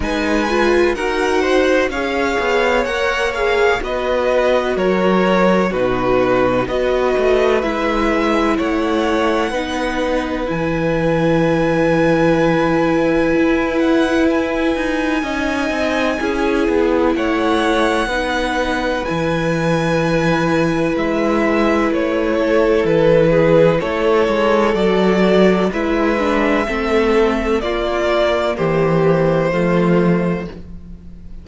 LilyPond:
<<
  \new Staff \with { instrumentName = "violin" } { \time 4/4 \tempo 4 = 63 gis''4 fis''4 f''4 fis''8 f''8 | dis''4 cis''4 b'4 dis''4 | e''4 fis''2 gis''4~ | gis''2~ gis''8 fis''8 gis''4~ |
gis''2 fis''2 | gis''2 e''4 cis''4 | b'4 cis''4 d''4 e''4~ | e''4 d''4 c''2 | }
  \new Staff \with { instrumentName = "violin" } { \time 4/4 b'4 ais'8 c''8 cis''2 | b'4 ais'4 fis'4 b'4~ | b'4 cis''4 b'2~ | b'1 |
dis''4 gis'4 cis''4 b'4~ | b'2.~ b'8 a'8~ | a'8 gis'8 a'2 b'4 | a'4 f'4 g'4 f'4 | }
  \new Staff \with { instrumentName = "viola" } { \time 4/4 dis'8 f'8 fis'4 gis'4 ais'8 gis'8 | fis'2 dis'4 fis'4 | e'2 dis'4 e'4~ | e'1 |
dis'4 e'2 dis'4 | e'1~ | e'2 fis'4 e'8 d'8 | c'4 ais2 a4 | }
  \new Staff \with { instrumentName = "cello" } { \time 4/4 gis4 dis'4 cis'8 b8 ais4 | b4 fis4 b,4 b8 a8 | gis4 a4 b4 e4~ | e2 e'4. dis'8 |
cis'8 c'8 cis'8 b8 a4 b4 | e2 gis4 a4 | e4 a8 gis8 fis4 gis4 | a4 ais4 e4 f4 | }
>>